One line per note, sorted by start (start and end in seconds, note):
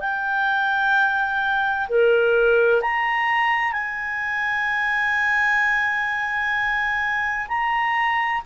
0.00 1.87 G5
1.88 2.81 A#4
2.81 3.72 A#5
3.72 7.47 G#5
7.47 8.41 A#5